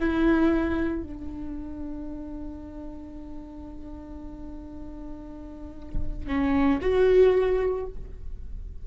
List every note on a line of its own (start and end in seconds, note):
0.00 1.03 E4
1.03 6.28 D4
6.28 6.80 C#4
6.82 7.87 F#4